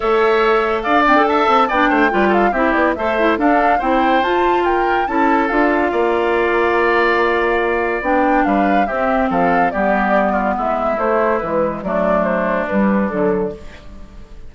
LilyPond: <<
  \new Staff \with { instrumentName = "flute" } { \time 4/4 \tempo 4 = 142 e''2 f''8 g''8 a''4 | g''4. f''8 e''8 d''8 e''4 | f''4 g''4 a''4 g''4 | a''4 f''2.~ |
f''2. g''4 | f''4 e''4 f''4 d''4~ | d''4 e''4 c''4 b'4 | d''4 c''4 b'4 a'4 | }
  \new Staff \with { instrumentName = "oboe" } { \time 4/4 cis''2 d''4 e''4 | d''8 c''8 b'8 a'8 g'4 c''4 | a'4 c''2 ais'4 | a'2 d''2~ |
d''1 | b'4 g'4 a'4 g'4~ | g'8 f'8 e'2. | d'1 | }
  \new Staff \with { instrumentName = "clarinet" } { \time 4/4 a'2~ a'8 c'16 a'4~ a'16 | d'4 f'4 e'4 a'8 e'8 | d'4 e'4 f'2 | e'4 f'2.~ |
f'2. d'4~ | d'4 c'2 b4~ | b2 a4 gis4 | a2 g4 fis4 | }
  \new Staff \with { instrumentName = "bassoon" } { \time 4/4 a2 d'4. c'8 | b8 a8 g4 c'8 b8 a4 | d'4 c'4 f'2 | cis'4 d'4 ais2~ |
ais2. b4 | g4 c'4 f4 g4~ | g4 gis4 a4 e4 | fis2 g4 d4 | }
>>